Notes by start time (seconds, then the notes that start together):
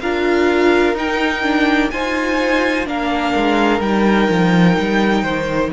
0.00 D4 F4 A#4 F5
0.94 D#4 G5
1.43 D4
1.90 D#4 F4 C5 G#5
2.86 A#3 D4 A#4 F5
3.36 G#3
3.80 G3 D#4 G5
4.29 F3
4.78 G3
5.23 D#3 C5